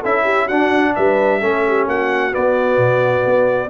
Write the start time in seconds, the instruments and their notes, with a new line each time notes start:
0.00 tuba C#4, trombone E4, horn A4, trumpet E5
0.24 horn G4
0.45 tuba D4, trombone D4, horn F#4, trumpet F#5
0.95 tuba G3, horn B4, trumpet E5
1.40 tuba A3, trombone C#4, horn A4
1.68 horn G4
1.87 tuba A#3, horn F#4, trumpet F#5
2.32 trombone B3, tuba B3, trumpet D5
2.78 tuba B2
3.26 tuba B3